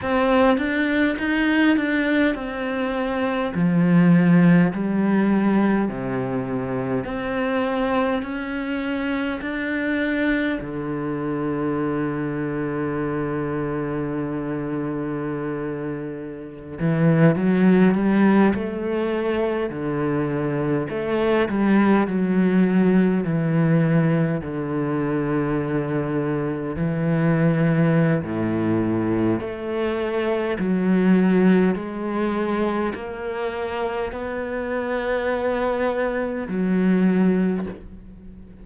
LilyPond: \new Staff \with { instrumentName = "cello" } { \time 4/4 \tempo 4 = 51 c'8 d'8 dis'8 d'8 c'4 f4 | g4 c4 c'4 cis'4 | d'4 d2.~ | d2~ d16 e8 fis8 g8 a16~ |
a8. d4 a8 g8 fis4 e16~ | e8. d2 e4~ e16 | a,4 a4 fis4 gis4 | ais4 b2 fis4 | }